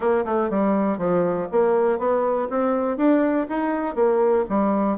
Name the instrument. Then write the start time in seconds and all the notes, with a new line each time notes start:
bassoon
0.00 A#3
0.25 A3
0.50 G3
0.98 F3
1.51 A#3
1.98 B3
2.50 C4
2.97 D4
3.49 D#4
3.95 A#3
4.49 G3